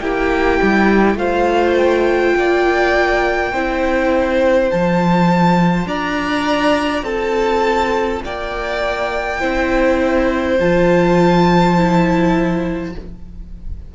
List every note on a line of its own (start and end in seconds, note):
0.00 0.60 A#3
0.00 1.18 E4
0.00 1.19 G4
0.00 1.18 G5
0.63 1.15 G3
1.15 2.33 A3
1.15 3.53 F4
1.15 2.36 C5
1.15 1.77 F5
1.77 4.71 G5
2.37 3.53 A#3
2.37 3.53 D5
3.53 4.71 C4
3.53 4.70 E4
3.53 5.88 C5
4.70 5.87 F3
4.70 9.41 F4
4.70 5.88 A5
5.87 7.03 D4
5.87 7.05 D5
5.87 7.05 A#5
7.03 8.21 C4
7.03 8.23 A4
7.03 8.23 A5
8.25 9.43 A#3
8.25 9.40 D5
8.25 10.60 G5
9.40 10.60 C4
9.40 10.59 E4
9.40 12.93 C5
10.60 12.95 F3
10.60 11.77 F4
10.60 12.95 A5
11.77 12.95 E4